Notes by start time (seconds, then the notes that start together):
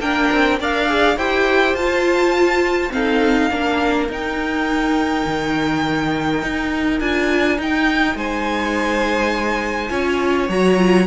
0.00 A#3 D4 A#4 G5
0.32 C4
0.60 D4 A#4 D5 F5
0.88 G#4
1.17 E4 G4 C5 G5
1.74 F4 A5
2.90 C4 D#4 A4 F5
3.51 A#3 D4 A#4
4.09 D#4 G5
5.26 D#3
6.43 D#4
7.00 D4 F4 G#5
7.58 D#4 G5
8.15 G#3 C5 G#5
9.90 C#4 F4 C#5
10.49 F#3 F#4 A#5
10.77 F4